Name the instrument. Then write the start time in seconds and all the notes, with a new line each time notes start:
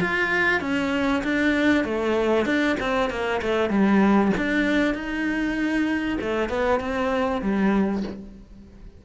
cello
0.00 F4
0.61 C#4
1.23 D4
1.84 A3
2.45 D4
2.80 C4
3.10 A#3
3.42 A3
3.69 G3
4.37 D4
4.94 D#4
6.21 A3
6.49 B3
6.80 C4
7.41 G3